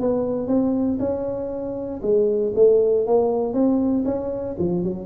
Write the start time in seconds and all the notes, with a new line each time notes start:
0.00 B3
0.47 C4
0.99 C#4
2.02 G#3
2.55 A3
3.06 A#3
3.53 C4
4.05 C#4
4.59 F3
4.84 F#3